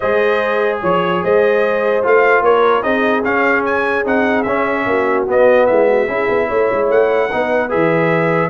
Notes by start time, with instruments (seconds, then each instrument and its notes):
0.00 tuba G#3, trombone G#4, horn C5, trumpet D#5
0.81 tuba F3, horn C#5, trumpet C#5
1.23 tuba G#3, horn C5, trumpet D#5
2.02 tuba A3, trombone F4, trumpet F5
2.40 tuba A#3, horn A#4, trumpet C#5
2.82 tuba C4, trombone D#4, horn G#4, trumpet D#5
3.24 trombone C#4, tuba C#4, trumpet F5
3.65 trumpet G#5
4.04 tuba C4, trombone D#4, trumpet F#5
4.42 tuba C#4, trombone C#4, trumpet E5
4.86 tuba A#3, horn F#4
5.27 trombone B3, tuba B3, trumpet D#5
5.66 tuba G#3, horn E4, trumpet E5
5.88 horn F#4
6.07 tuba C#4, trombone E4, horn G#4
6.28 tuba B3
6.47 tuba A3, horn C#5
6.71 tuba G#3
6.89 tuba A3, trumpet F#5
7.31 tuba B3, trombone D#4, horn B4
7.69 tuba E3, trombone G#4, trumpet E5